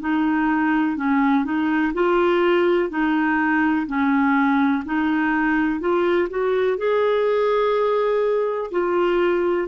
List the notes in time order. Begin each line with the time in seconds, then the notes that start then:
0.00 D#4
0.96 C#4
1.44 D#4
1.94 F4
2.89 D#4
3.87 C#4
4.85 D#4
5.80 F4
6.29 F#4
6.77 G#4
8.71 F4